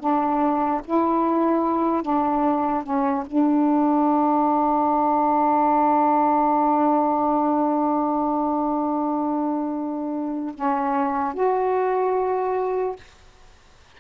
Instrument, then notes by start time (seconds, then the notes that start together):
saxophone
0.00 D4
0.84 E4
2.02 D4
2.83 C#4
3.26 D4
10.55 C#4
11.34 F#4